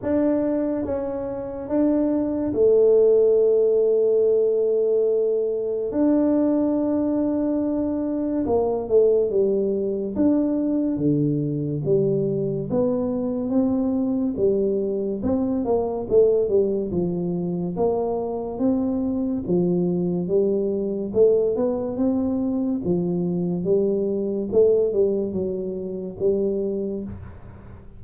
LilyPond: \new Staff \with { instrumentName = "tuba" } { \time 4/4 \tempo 4 = 71 d'4 cis'4 d'4 a4~ | a2. d'4~ | d'2 ais8 a8 g4 | d'4 d4 g4 b4 |
c'4 g4 c'8 ais8 a8 g8 | f4 ais4 c'4 f4 | g4 a8 b8 c'4 f4 | g4 a8 g8 fis4 g4 | }